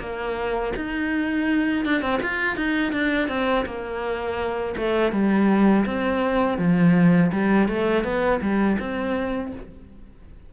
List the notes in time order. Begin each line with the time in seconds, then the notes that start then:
0.00 A#3
0.76 D#4
1.86 D4
2.02 C4
2.22 F4
2.57 D#4
2.92 D4
3.29 C4
3.66 A#3
4.77 A3
5.12 G3
5.86 C4
6.58 F3
7.32 G3
7.68 A3
8.04 B3
8.41 G3
8.79 C4